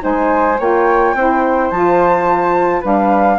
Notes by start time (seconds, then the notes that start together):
0.00 G#3 D#4 C5 G#5
0.59 A#3 F4 C#5 G5
1.14 C4 E4 C5
1.70 F3 F4 A5
2.80 G3 D4 B4 F5